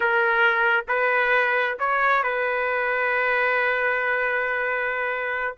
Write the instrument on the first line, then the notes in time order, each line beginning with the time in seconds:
trumpet
0.00 A#4
0.88 B4
1.79 C#5
2.23 B4